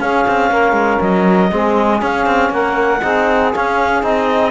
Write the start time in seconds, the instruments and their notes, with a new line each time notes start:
0.00 cello C#4, trombone C#4, saxophone G#4, clarinet F5
0.28 cello C4
0.50 cello A#3, saxophone A#4
0.73 cello G#3
1.01 cello F#3, clarinet D#5
1.51 cello G#3, trombone C4, saxophone G#4
2.01 trombone C#4, cello C#4, clarinet F5
2.27 cello C4
2.50 cello A#3, saxophone A#4, clarinet F#5
3.02 cello C4, trombone D#4, saxophone G#4
3.54 trombone C#4, cello C#4, clarinet F5
4.02 cello C4, trombone D#4, clarinet D#5